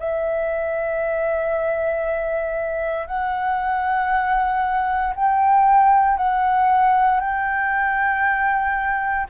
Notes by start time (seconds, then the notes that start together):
0.00 E5
3.08 F#5
5.16 G5
6.18 F#5
7.20 G5